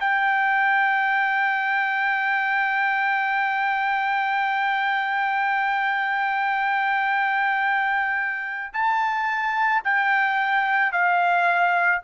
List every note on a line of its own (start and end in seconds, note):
0.00 8.73 G5
8.73 9.82 A5
9.84 10.92 G5
10.92 12.01 F5